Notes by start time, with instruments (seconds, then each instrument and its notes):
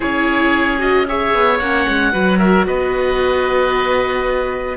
0.00 cello C#4, viola E4, oboe G#4 C#5
0.79 viola F#4, oboe D#5
1.07 viola G#4, oboe C#5 E5
1.34 cello B3
1.58 cello A#3, viola C#4, oboe F#5
1.88 cello G#3
2.12 cello F#3, viola F#4, oboe B4
2.38 oboe A#4 E5
2.66 cello B3, oboe B4 D#5